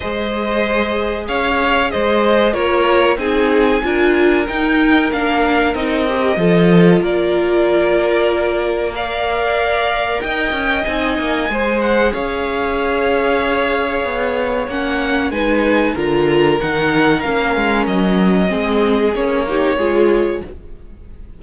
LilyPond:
<<
  \new Staff \with { instrumentName = "violin" } { \time 4/4 \tempo 4 = 94 dis''2 f''4 dis''4 | cis''4 gis''2 g''4 | f''4 dis''2 d''4~ | d''2 f''2 |
g''4 gis''4. fis''8 f''4~ | f''2. fis''4 | gis''4 ais''4 fis''4 f''4 | dis''2 cis''2 | }
  \new Staff \with { instrumentName = "violin" } { \time 4/4 c''2 cis''4 c''4 | ais'4 gis'4 ais'2~ | ais'2 a'4 ais'4~ | ais'2 d''2 |
dis''2 c''4 cis''4~ | cis''1 | b'4 ais'2.~ | ais'4 gis'4. g'8 gis'4 | }
  \new Staff \with { instrumentName = "viola" } { \time 4/4 gis'1 | f'4 dis'4 f'4 dis'4 | d'4 dis'8 g'8 f'2~ | f'2 ais'2~ |
ais'4 dis'4 gis'2~ | gis'2. cis'4 | dis'4 f'4 dis'4 cis'4~ | cis'4 c'4 cis'8 dis'8 f'4 | }
  \new Staff \with { instrumentName = "cello" } { \time 4/4 gis2 cis'4 gis4 | ais4 c'4 d'4 dis'4 | ais4 c'4 f4 ais4~ | ais1 |
dis'8 cis'8 c'8 ais8 gis4 cis'4~ | cis'2 b4 ais4 | gis4 d4 dis4 ais8 gis8 | fis4 gis4 ais4 gis4 | }
>>